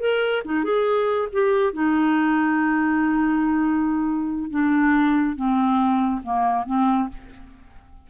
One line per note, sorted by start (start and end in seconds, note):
0.00 0.43 A#4
0.45 0.64 D#4
0.64 1.29 G#4
1.33 1.74 G4
1.74 4.51 D#4
4.51 5.36 D4
5.36 6.22 C4
6.23 6.66 A#3
6.66 7.09 C4